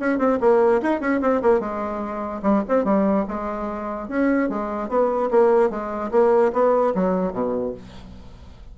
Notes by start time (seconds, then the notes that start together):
0.00 C#4
0.19 C4
0.41 A#3
0.83 D#4
1.01 C#4
1.22 C4
1.42 A#3
1.60 G#3
2.43 G3
2.69 C4
2.85 G3
3.29 G#3
4.09 C#4
4.50 G#3
4.89 B3
5.31 A#3
5.71 G#3
6.12 A#3
6.53 B3
6.95 F#3
7.33 B2